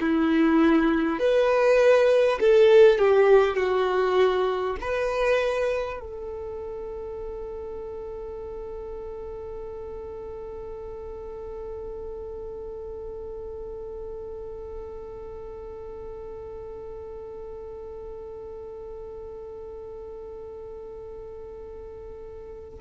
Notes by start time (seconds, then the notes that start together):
0.00 E4
1.19 B4
2.40 A4
2.99 G4
3.57 F#4
4.81 B4
5.99 A4